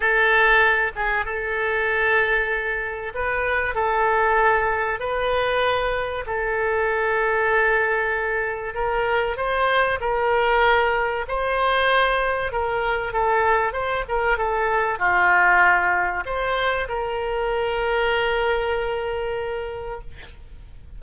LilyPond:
\new Staff \with { instrumentName = "oboe" } { \time 4/4 \tempo 4 = 96 a'4. gis'8 a'2~ | a'4 b'4 a'2 | b'2 a'2~ | a'2 ais'4 c''4 |
ais'2 c''2 | ais'4 a'4 c''8 ais'8 a'4 | f'2 c''4 ais'4~ | ais'1 | }